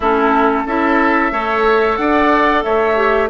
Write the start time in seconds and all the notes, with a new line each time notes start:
0.00 A3 C#4 E4 A4
0.65 C#4 E4 A4 E5
1.31 A3 A4 C#5
1.96 D4 D5 F#5
2.63 A3 C#5 E5
2.96 G4